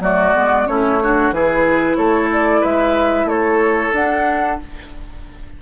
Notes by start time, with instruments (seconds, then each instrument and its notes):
0.00 bassoon F#3, clarinet A3, oboe F#4, flute D5
0.34 bassoon G#3, clarinet B3
0.66 bassoon A3, clarinet C#4, oboe E4, flute C#5
1.03 clarinet D4, oboe F#4
1.31 bassoon E3, clarinet E4, oboe G#4, flute B4
1.96 bassoon A3, oboe A4, flute C#5
2.33 flute D5
2.61 bassoon G#3, oboe B4, flute E5
3.25 bassoon A3, oboe A4, flute C#5
3.93 bassoon D4, clarinet D4, flute F#5